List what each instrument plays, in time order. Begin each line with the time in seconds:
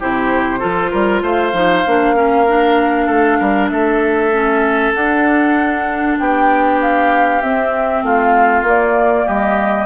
0.00 bassoon C3, clarinet E4, oboe G4, flute C5
0.59 bassoon F3, clarinet F4, oboe A4
0.91 bassoon G3, oboe A#4
1.22 bassoon A3, oboe C5, flute F5
1.53 bassoon F3, clarinet D#4
1.87 bassoon A#3, clarinet D4
2.15 clarinet C#4, oboe A#4
2.48 clarinet D4
3.06 bassoon A3, oboe A4
3.40 bassoon G3, oboe A#4
3.69 bassoon A3, oboe A4, flute E5
4.33 clarinet C#4
4.94 bassoon D4, clarinet D4, flute F#5
6.19 bassoon B3, oboe G4, flute G5
6.81 flute F5
7.41 bassoon C4, clarinet C4, flute E5
8.03 bassoon A3, oboe F4, flute F5
8.62 bassoon A#3, clarinet A#3, flute D5
9.26 bassoon G3, oboe G4, flute D#5